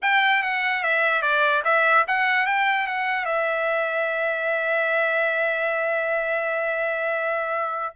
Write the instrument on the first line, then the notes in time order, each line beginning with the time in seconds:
trumpet
0.01 G5
0.42 F#5
0.83 E5
1.22 D5
1.64 E5
2.07 F#5
2.46 G5
2.87 F#5
3.25 E5